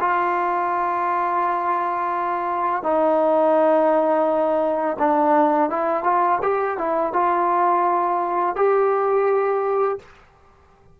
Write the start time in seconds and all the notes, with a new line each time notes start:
0.00 F4
2.82 D#4
4.99 D4
5.69 E4
6.03 F4
6.42 G4
6.77 E4
7.13 F4
8.55 G4